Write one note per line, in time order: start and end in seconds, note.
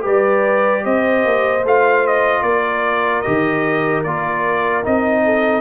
0.00 0.85 G3
0.00 1.60 G4
0.00 0.83 B4
0.00 0.85 D5
0.84 1.25 C4
0.84 2.44 C5
0.84 1.65 D#5
1.25 1.64 A#3
1.64 2.42 A3
1.64 3.24 F4
1.64 2.06 F5
2.06 2.43 D#5
2.42 3.22 A#3
2.42 5.24 A#4
2.42 3.21 D5
3.21 4.04 D#3
3.21 4.04 G4
3.21 4.01 D#5
4.04 4.84 A#3
4.04 4.83 F4
4.04 4.83 D5
4.83 5.61 C4
4.83 5.61 D#4
4.83 5.61 D#5
5.24 5.61 A4